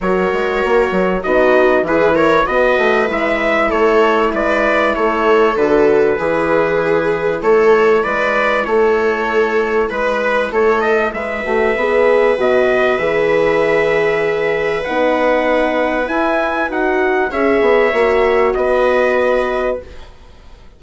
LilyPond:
<<
  \new Staff \with { instrumentName = "trumpet" } { \time 4/4 \tempo 4 = 97 cis''2 dis''4 b'8 cis''8 | dis''4 e''4 cis''4 d''4 | cis''4 b'2. | cis''4 d''4 cis''2 |
b'4 cis''8 dis''8 e''2 | dis''4 e''2. | fis''2 gis''4 fis''4 | e''2 dis''2 | }
  \new Staff \with { instrumentName = "viola" } { \time 4/4 ais'2 fis'4 gis'8 ais'8 | b'2 a'4 b'4 | a'2 gis'2 | a'4 b'4 a'2 |
b'4 a'4 b'2~ | b'1~ | b'1 | cis''2 b'2 | }
  \new Staff \with { instrumentName = "horn" } { \time 4/4 fis'2 dis'4 e'4 | fis'4 e'2.~ | e'4 fis'4 e'2~ | e'1~ |
e'2~ e'8 fis'8 gis'4 | fis'4 gis'2. | dis'2 e'4 fis'4 | gis'4 fis'2. | }
  \new Staff \with { instrumentName = "bassoon" } { \time 4/4 fis8 gis8 ais8 fis8 b4 e4 | b8 a8 gis4 a4 gis4 | a4 d4 e2 | a4 gis4 a2 |
gis4 a4 gis8 a8 b4 | b,4 e2. | b2 e'4 dis'4 | cis'8 b8 ais4 b2 | }
>>